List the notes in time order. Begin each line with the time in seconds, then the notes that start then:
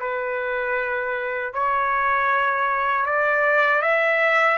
0.00 B4
1.54 C#5
3.06 D5
3.82 E5